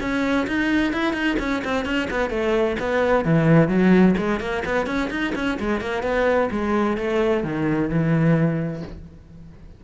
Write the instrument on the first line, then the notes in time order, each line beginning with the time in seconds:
cello
0.00 C#4
0.47 D#4
0.93 E4
1.13 D#4
1.39 C#4
1.64 C4
1.85 C#4
2.10 B3
2.30 A3
2.79 B3
3.25 E3
3.68 F#3
4.17 G#3
4.40 A#3
4.65 B3
4.86 C#4
5.10 D#4
5.35 C#4
5.59 G#3
5.81 A#3
6.03 B3
6.51 G#3
6.97 A3
7.43 D#3
7.89 E3